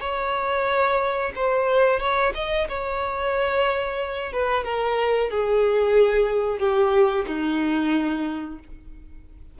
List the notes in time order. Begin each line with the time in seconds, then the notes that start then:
0.00 C#5
1.35 C5
2.00 C#5
2.34 D#5
2.68 C#5
4.32 B4
4.64 A#4
5.30 G#4
6.59 G4
7.27 D#4